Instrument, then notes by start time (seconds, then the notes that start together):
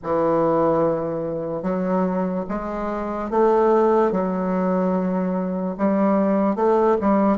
bassoon
0.03 E3
1.62 F#3
2.48 G#3
3.30 A3
4.11 F#3
5.77 G3
6.55 A3
7.00 G3